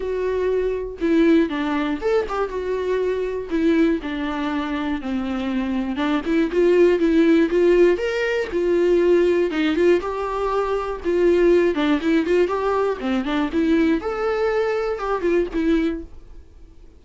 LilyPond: \new Staff \with { instrumentName = "viola" } { \time 4/4 \tempo 4 = 120 fis'2 e'4 d'4 | a'8 g'8 fis'2 e'4 | d'2 c'2 | d'8 e'8 f'4 e'4 f'4 |
ais'4 f'2 dis'8 f'8 | g'2 f'4. d'8 | e'8 f'8 g'4 c'8 d'8 e'4 | a'2 g'8 f'8 e'4 | }